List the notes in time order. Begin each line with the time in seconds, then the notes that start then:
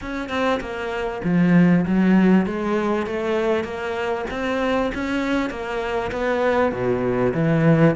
0.01 C#4
0.29 C4
0.60 A#3
1.24 F3
1.85 F#3
2.45 G#3
3.06 A3
3.64 A#3
4.30 C4
4.94 C#4
5.50 A#3
6.11 B3
6.72 B2
7.34 E3